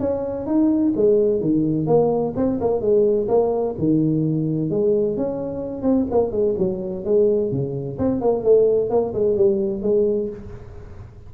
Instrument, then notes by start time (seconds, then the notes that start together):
tuba
0.00 C#4
0.46 D#4
0.96 G#3
1.41 D#3
1.87 A#3
2.36 C4
2.61 A#3
2.81 G#3
3.28 A#3
3.78 D#3
4.70 G#3
5.17 C#4
5.82 C4
6.11 A#3
6.31 G#3
6.58 F#3
7.05 G#3
7.51 C#3
7.99 C4
8.21 A#3
8.43 A3
8.90 A#3
9.14 G#3
9.37 G3
9.82 G#3